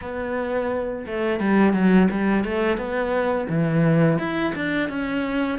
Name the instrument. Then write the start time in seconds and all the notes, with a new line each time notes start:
cello
0.01 B3
1.06 A3
1.40 G3
1.73 F#3
2.10 G3
2.44 A3
2.77 B3
3.49 E3
4.18 E4
4.55 D4
4.89 C#4